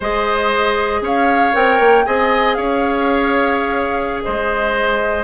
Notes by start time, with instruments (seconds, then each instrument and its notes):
0.00 bassoon G#3, clarinet G#4, oboe C5, flute D#5
1.01 bassoon C#4, oboe C#5, flute F5
1.53 bassoon C4, clarinet A#4, flute G5
1.79 bassoon A#3
2.05 bassoon C4, clarinet G#4, oboe D#5, flute G#5
2.54 bassoon C#4, oboe C#5, flute F5
4.22 bassoon G#3, oboe C5, flute D#5